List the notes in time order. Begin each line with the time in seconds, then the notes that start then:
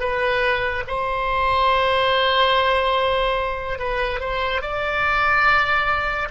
0.00 B4
0.87 C5
3.79 B4
4.20 C5
4.62 D5